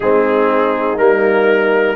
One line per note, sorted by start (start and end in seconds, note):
0.00 0.98 G#3
0.00 0.97 C4
0.00 1.95 D#4
0.00 0.98 G#4
0.97 1.95 G3
0.97 1.95 A#3
0.97 1.95 A#4